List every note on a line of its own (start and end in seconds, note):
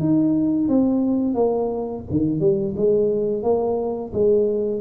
0.00 0.69 D#4
0.69 1.35 C4
1.35 2.04 A#3
2.11 2.40 D#3
2.40 2.75 G3
2.77 3.43 G#3
3.43 4.12 A#3
4.13 4.82 G#3